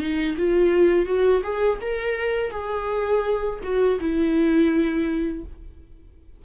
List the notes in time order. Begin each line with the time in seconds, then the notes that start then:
0.00 D#4
0.38 F4
1.06 F#4
1.44 G#4
1.82 A#4
2.51 G#4
3.64 F#4
4.01 E4